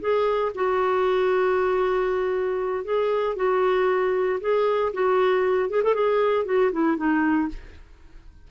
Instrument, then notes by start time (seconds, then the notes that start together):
clarinet
0.00 G#4
0.55 F#4
2.84 G#4
3.36 F#4
4.40 G#4
4.93 F#4
5.69 G#4
5.83 A4
5.94 G#4
6.45 F#4
6.72 E4
6.96 D#4